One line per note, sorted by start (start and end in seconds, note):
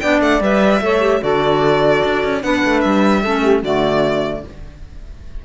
0.00 0.20 B3
0.00 0.42 D4
0.00 0.81 D5
0.00 0.20 G5
0.20 0.40 A3
0.20 0.42 F#5
0.40 0.80 G3
0.40 0.82 B4
0.40 1.23 E5
0.81 1.21 A3
0.81 1.00 A4
0.81 1.21 C#5
1.00 1.20 G4
1.20 2.03 D3
1.20 2.41 F#4
1.20 2.42 A4
1.20 2.43 D5
2.04 2.23 D4
2.23 2.43 C#4
2.41 2.63 B3
2.41 3.21 D4
2.41 3.22 B4
2.41 2.80 F#5
2.64 2.84 A3
2.80 3.25 G3
2.80 3.61 E5
3.22 3.63 A3
3.22 3.63 C#4
3.22 3.42 A4
3.42 3.60 G4
3.60 4.43 D3
3.60 4.44 A3
3.60 4.41 F#4
3.60 4.44 D5